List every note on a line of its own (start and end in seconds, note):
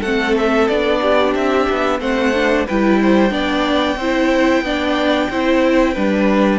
0.00 0.68 A3
0.00 0.70 C4
0.00 0.99 A4
0.00 0.35 F#5
0.37 0.68 E5
0.68 1.34 B3
0.68 2.00 D4
0.68 1.34 D5
1.01 2.00 G4
1.34 1.67 C4
1.34 2.00 E5
1.70 2.00 B3
2.00 2.66 A3
2.00 2.33 C4
2.00 2.66 C5
2.00 2.66 F#5
2.34 2.67 D4
2.66 3.31 G3
2.66 3.30 E4
2.66 2.99 B4
2.66 6.59 G5
3.01 3.32 C5
3.30 3.96 B3
3.30 3.96 D4
3.30 3.97 D5
3.96 4.62 C4
3.96 4.65 E4
3.96 4.63 C5
4.62 5.28 B3
4.62 5.31 D4
4.62 5.30 D5
5.30 5.96 C4
5.30 5.95 E4
5.30 5.93 C5
5.93 6.59 G3
5.93 6.59 D4
5.93 6.59 B4